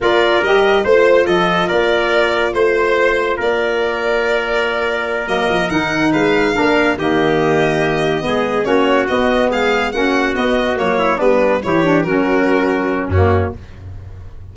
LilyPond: <<
  \new Staff \with { instrumentName = "violin" } { \time 4/4 \tempo 4 = 142 d''4 dis''4 c''4 dis''4 | d''2 c''2 | d''1~ | d''8 dis''4 fis''4 f''4.~ |
f''8 dis''2.~ dis''8~ | dis''8 cis''4 dis''4 f''4 fis''8~ | fis''8 dis''4 cis''4 b'4 cis''8~ | cis''8 ais'2~ ais'8 fis'4 | }
  \new Staff \with { instrumentName = "trumpet" } { \time 4/4 ais'2 c''4 a'4 | ais'2 c''2 | ais'1~ | ais'2~ ais'8 b'4 ais'8~ |
ais'8 g'2. gis'8~ | gis'8 fis'2 gis'4 fis'8~ | fis'2 e'8 d'4 g'8~ | g'8 fis'2~ fis'8 cis'4 | }
  \new Staff \with { instrumentName = "saxophone" } { \time 4/4 f'4 g'4 f'2~ | f'1~ | f'1~ | f'8 ais4 dis'2 d'8~ |
d'8 ais2. b8~ | b8 cis'4 b2 cis'8~ | cis'8 b4 ais4 b4 e'8 | d'8 cis'2~ cis'8 ais4 | }
  \new Staff \with { instrumentName = "tuba" } { \time 4/4 ais4 g4 a4 f4 | ais2 a2 | ais1~ | ais8 fis8 f8 dis4 gis4 ais8~ |
ais8 dis2. gis8~ | gis8 ais4 b4 gis4 ais8~ | ais8 b4 fis4 g4 e8~ | e8 fis2~ fis8 fis,4 | }
>>